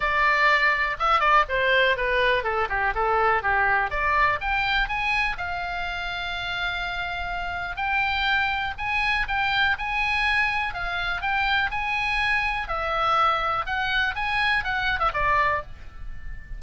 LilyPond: \new Staff \with { instrumentName = "oboe" } { \time 4/4 \tempo 4 = 123 d''2 e''8 d''8 c''4 | b'4 a'8 g'8 a'4 g'4 | d''4 g''4 gis''4 f''4~ | f''1 |
g''2 gis''4 g''4 | gis''2 f''4 g''4 | gis''2 e''2 | fis''4 gis''4 fis''8. e''16 d''4 | }